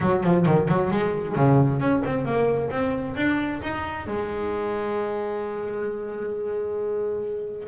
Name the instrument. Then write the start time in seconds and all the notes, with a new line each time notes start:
double bass
0.01 F#3
0.23 F3
0.46 D#3
0.68 F#3
0.90 G#3
1.35 C#3
1.80 C#4
2.05 C4
2.25 A#3
2.70 C4
3.16 D4
3.62 D#4
4.07 G#3